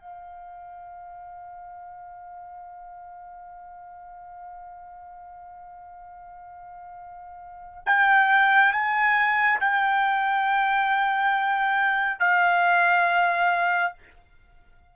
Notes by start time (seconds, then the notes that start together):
0.00 F5
7.86 G5
8.73 G#5
9.60 G5
12.19 F5